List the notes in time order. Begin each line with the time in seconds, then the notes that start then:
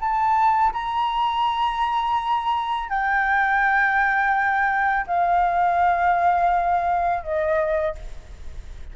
0.00 A5
0.73 A#5
2.89 G5
5.07 F5
7.23 D#5